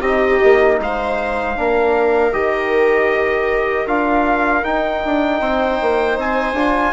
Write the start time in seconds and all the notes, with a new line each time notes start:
0.00 C4 D#4 G4 D#5
0.43 A#3
0.80 G#3 C5 F5
1.55 A#3 D4 A#4
2.33 D#3 G4 D#5
3.86 D4 F4 F5
4.63 D#4 G5
5.05 D4
5.40 C4 C5
5.81 A#3
6.17 C4 G#5
6.53 D4 F4